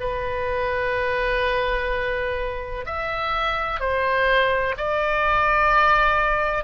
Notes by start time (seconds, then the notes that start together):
0.00 B4
2.86 E5
3.80 C5
4.77 D5